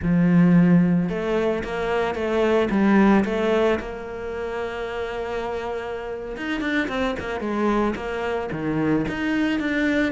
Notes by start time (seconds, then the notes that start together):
0.02 F3
1.09 A3
1.63 A#3
2.14 A3
2.70 G3
3.25 A3
3.79 A#3
6.36 D#4
6.61 D4
6.88 C4
7.19 A#3
7.40 G#3
7.95 A#3
8.51 D#3
9.08 D#4
9.59 D4